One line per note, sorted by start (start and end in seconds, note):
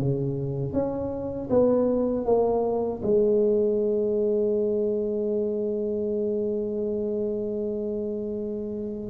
0.00 0.74 C#3
0.74 1.49 C#4
1.51 2.26 B3
2.26 3.02 A#3
3.03 9.11 G#3